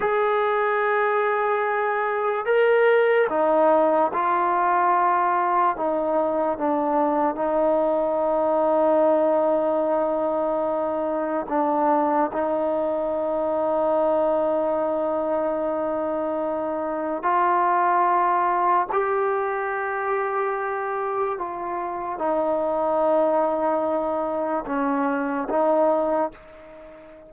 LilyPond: \new Staff \with { instrumentName = "trombone" } { \time 4/4 \tempo 4 = 73 gis'2. ais'4 | dis'4 f'2 dis'4 | d'4 dis'2.~ | dis'2 d'4 dis'4~ |
dis'1~ | dis'4 f'2 g'4~ | g'2 f'4 dis'4~ | dis'2 cis'4 dis'4 | }